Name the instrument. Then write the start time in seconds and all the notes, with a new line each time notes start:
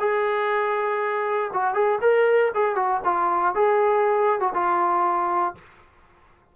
trombone
0.00 G#4
1.54 F#4
1.74 G#4
2.01 A#4
2.55 G#4
2.76 F#4
3.05 F4
3.55 G#4
4.40 F#4
4.54 F4